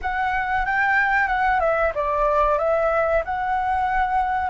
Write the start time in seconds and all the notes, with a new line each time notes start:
0.01 F#5
0.65 G5
1.27 F#5
1.60 E5
1.94 D5
2.58 E5
3.25 F#5